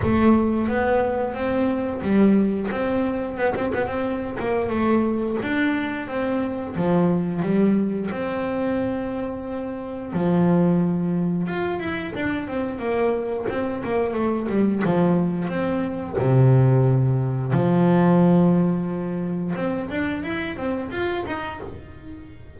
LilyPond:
\new Staff \with { instrumentName = "double bass" } { \time 4/4 \tempo 4 = 89 a4 b4 c'4 g4 | c'4 b16 c'16 b16 c'8. ais8 a4 | d'4 c'4 f4 g4 | c'2. f4~ |
f4 f'8 e'8 d'8 c'8 ais4 | c'8 ais8 a8 g8 f4 c'4 | c2 f2~ | f4 c'8 d'8 e'8 c'8 f'8 dis'8 | }